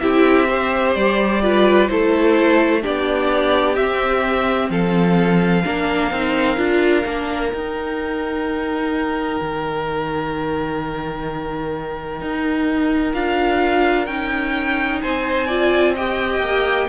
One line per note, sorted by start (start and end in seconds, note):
0.00 0.96 C4
0.00 0.48 E4
0.00 0.49 G4
0.00 0.94 E5
0.48 1.42 G4
0.48 1.43 C5
0.94 1.89 G3
0.94 1.88 D5
1.42 1.89 F4
1.42 1.90 B4
1.88 2.84 A3
1.88 2.82 E4
1.88 2.82 A4
1.88 2.82 C5
2.82 3.78 B3
2.82 3.76 D4
2.82 4.70 G4
2.82 3.76 D5
3.76 4.70 C4
3.76 5.65 C4
3.76 4.69 E5
4.70 5.64 F3
4.70 5.65 A4
4.70 7.50 F5
5.65 6.11 A#3
5.65 6.12 D4
5.65 15.02 A#4
6.11 6.58 C4
6.11 6.57 D#4
6.57 7.05 D4
6.57 7.04 F4
7.06 7.53 A#3
7.06 7.52 D4
7.50 13.14 D#4
7.50 9.40 D#4
7.50 13.12 G5
9.42 12.21 D#3
12.21 13.14 D#4
13.14 14.07 D4
13.14 14.08 F4
13.14 14.06 F5
14.06 15.01 C#4
14.06 15.49 D#4
14.06 15.00 G5
15.01 16.40 C4
15.01 15.47 C5
15.01 15.95 G#5
15.47 15.96 F4
15.47 15.94 D5
15.95 16.89 G4
15.95 16.88 D#5
15.95 16.89 G5
16.40 16.87 A#3